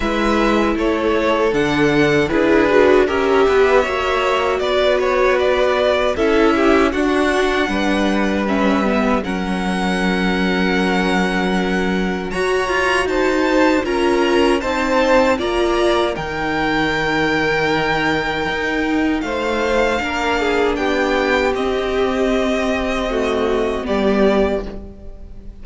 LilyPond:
<<
  \new Staff \with { instrumentName = "violin" } { \time 4/4 \tempo 4 = 78 e''4 cis''4 fis''4 b'4 | e''2 d''8 cis''8 d''4 | e''4 fis''2 e''4 | fis''1 |
ais''4 a''4 ais''4 a''4 | ais''4 g''2.~ | g''4 f''2 g''4 | dis''2. d''4 | }
  \new Staff \with { instrumentName = "violin" } { \time 4/4 b'4 a'2 gis'4 | ais'8 b'8 cis''4 b'2 | a'8 g'8 fis'4 b'2 | ais'1 |
cis''4 c''4 ais'4 c''4 | d''4 ais'2.~ | ais'4 c''4 ais'8 gis'8 g'4~ | g'2 fis'4 g'4 | }
  \new Staff \with { instrumentName = "viola" } { \time 4/4 e'2 d'4 e'8 fis'8 | g'4 fis'2. | e'4 d'2 cis'8 b8 | cis'1 |
fis'2 f'4 dis'4 | f'4 dis'2.~ | dis'2 d'2 | c'2 a4 b4 | }
  \new Staff \with { instrumentName = "cello" } { \time 4/4 gis4 a4 d4 d'4 | cis'8 b8 ais4 b2 | cis'4 d'4 g2 | fis1 |
fis'8 f'8 dis'4 cis'4 c'4 | ais4 dis2. | dis'4 a4 ais4 b4 | c'2. g4 | }
>>